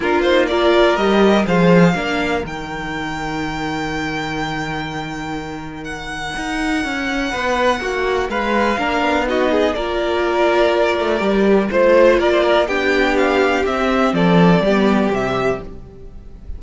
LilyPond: <<
  \new Staff \with { instrumentName = "violin" } { \time 4/4 \tempo 4 = 123 ais'8 c''8 d''4 dis''4 f''4~ | f''4 g''2.~ | g''1 | fis''1~ |
fis''4 f''2 dis''4 | d''1 | c''4 d''4 g''4 f''4 | e''4 d''2 e''4 | }
  \new Staff \with { instrumentName = "violin" } { \time 4/4 f'4 ais'2 c''4 | ais'1~ | ais'1~ | ais'2. b'4 |
fis'4 b'4 ais'4 fis'8 gis'8 | ais'1 | c''4 ais'16 c''16 ais'8 g'2~ | g'4 a'4 g'2 | }
  \new Staff \with { instrumentName = "viola" } { \time 4/4 d'8 dis'8 f'4 g'4 gis'4 | d'4 dis'2.~ | dis'1~ | dis'1~ |
dis'2 d'4 dis'4 | f'2. g'4 | f'2 d'2 | c'2 b4 g4 | }
  \new Staff \with { instrumentName = "cello" } { \time 4/4 ais2 g4 f4 | ais4 dis2.~ | dis1~ | dis4 dis'4 cis'4 b4 |
ais4 gis4 ais8 b4. | ais2~ ais8 a8 g4 | a4 ais4 b2 | c'4 f4 g4 c4 | }
>>